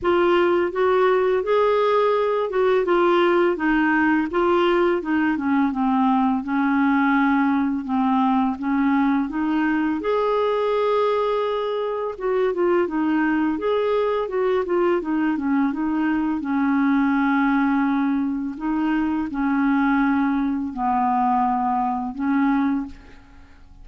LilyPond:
\new Staff \with { instrumentName = "clarinet" } { \time 4/4 \tempo 4 = 84 f'4 fis'4 gis'4. fis'8 | f'4 dis'4 f'4 dis'8 cis'8 | c'4 cis'2 c'4 | cis'4 dis'4 gis'2~ |
gis'4 fis'8 f'8 dis'4 gis'4 | fis'8 f'8 dis'8 cis'8 dis'4 cis'4~ | cis'2 dis'4 cis'4~ | cis'4 b2 cis'4 | }